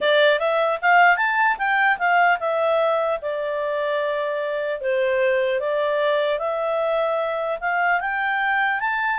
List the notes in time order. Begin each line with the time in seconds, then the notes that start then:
0.00 D5
0.39 E5
0.81 F5
1.16 A5
1.58 G5
1.98 F5
2.39 E5
3.21 D5
4.80 C5
5.60 D5
6.38 E5
7.60 F5
8.00 G5
8.80 A5